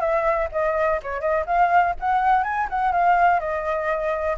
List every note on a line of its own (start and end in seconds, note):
0.00 0.48 E5
0.52 1.00 D#5
1.02 1.20 C#5
1.20 1.45 D#5
1.46 1.94 F5
1.99 2.43 F#5
2.43 2.67 G#5
2.69 2.92 F#5
2.92 3.40 F5
3.40 4.36 D#5